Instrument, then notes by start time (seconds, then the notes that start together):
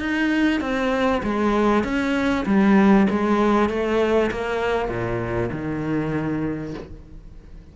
cello
0.00 D#4
0.61 C4
1.23 G#3
1.84 C#4
2.46 G3
3.10 G#3
3.69 A3
4.31 A#3
4.89 A#2
5.52 D#3